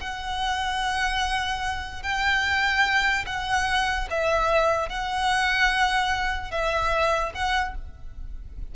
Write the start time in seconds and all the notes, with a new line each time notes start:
0.00 F#5
2.02 G5
3.26 F#5
4.10 E5
4.89 F#5
6.51 E5
7.34 F#5